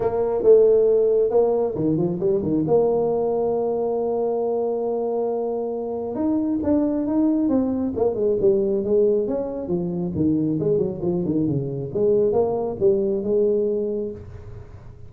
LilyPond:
\new Staff \with { instrumentName = "tuba" } { \time 4/4 \tempo 4 = 136 ais4 a2 ais4 | dis8 f8 g8 dis8 ais2~ | ais1~ | ais2 dis'4 d'4 |
dis'4 c'4 ais8 gis8 g4 | gis4 cis'4 f4 dis4 | gis8 fis8 f8 dis8 cis4 gis4 | ais4 g4 gis2 | }